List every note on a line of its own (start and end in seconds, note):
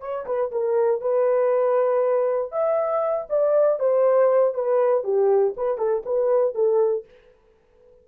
0.00 0.25 C#5
0.25 0.51 B4
0.51 1.01 A#4
1.01 2.51 B4
2.51 3.27 E5
3.29 3.79 D5
3.79 4.54 C5
4.54 5.04 B4
5.04 5.54 G4
5.56 5.78 B4
5.78 6.03 A4
6.05 6.55 B4
6.55 7.05 A4